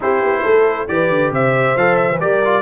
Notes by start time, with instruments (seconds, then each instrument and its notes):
0.00 tuba C4, trombone E4, horn G4, trumpet C5
0.21 tuba B3
0.42 tuba A3, horn A4
0.87 tuba E3, trombone G4, horn B4, trumpet D5
1.09 tuba D3
1.30 tuba C3, horn C5, trumpet E5
1.76 tuba F3, trombone A4, trumpet F5
1.96 trumpet E5
2.09 trombone E3
2.20 tuba G3, trombone G4, horn A#4, trumpet D5
2.44 trombone F4